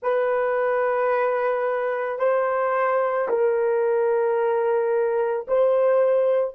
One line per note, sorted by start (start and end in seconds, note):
0.02 2.18 B4
2.18 3.27 C5
3.28 5.46 A#4
5.47 6.54 C5